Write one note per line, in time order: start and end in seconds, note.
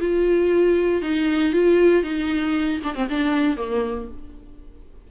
0.00 1.02 F4
1.02 1.53 D#4
1.53 2.03 F4
2.03 2.80 D#4
2.84 2.95 D4
2.95 3.08 C4
3.10 3.57 D4
3.57 4.08 A#3